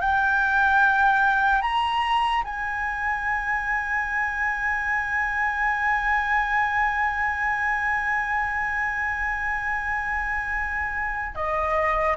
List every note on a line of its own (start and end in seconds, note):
0.00 1.61 G5
1.61 2.43 A#5
2.44 11.35 G#5
11.35 12.16 D#5